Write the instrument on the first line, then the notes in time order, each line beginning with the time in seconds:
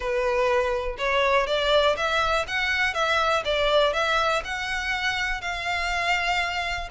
violin
0.00 B4
0.98 C#5
1.46 D5
1.96 E5
2.47 F#5
2.94 E5
3.44 D5
3.93 E5
4.44 F#5
5.41 F5